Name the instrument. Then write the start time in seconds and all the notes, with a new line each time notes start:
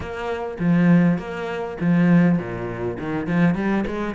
cello
0.00 A#3
0.59 F3
1.18 A#3
1.80 F3
2.38 A#2
2.98 D#3
3.26 F3
3.55 G3
3.86 G#3